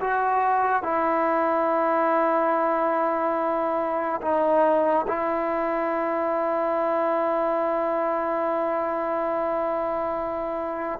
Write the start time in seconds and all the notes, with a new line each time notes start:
0.00 F#4
0.83 E4
4.21 D#4
5.07 E4